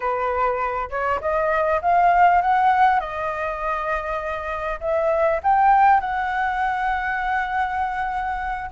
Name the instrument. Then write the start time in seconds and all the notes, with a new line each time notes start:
flute
0.00 B4
0.90 C#5
1.21 D#5
1.81 F5
2.41 F#5
3.00 D#5
4.80 E5
5.43 G5
6.00 F#5